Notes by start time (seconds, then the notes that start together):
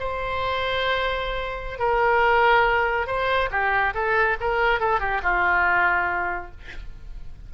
0.00 C5
1.79 A#4
3.07 C5
3.51 G4
3.94 A4
4.41 A#4
4.80 A4
5.00 G4
5.23 F4